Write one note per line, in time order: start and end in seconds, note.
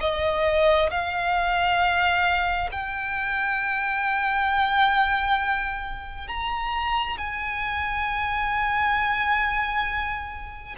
0.00 0.90 D#5
0.90 2.69 F5
2.71 6.27 G5
6.27 7.17 A#5
7.17 10.75 G#5